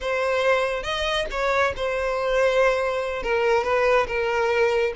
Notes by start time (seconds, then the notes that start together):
0.01 C5
0.83 D#5
1.30 C#5
1.76 C5
3.23 A#4
3.64 B4
4.07 A#4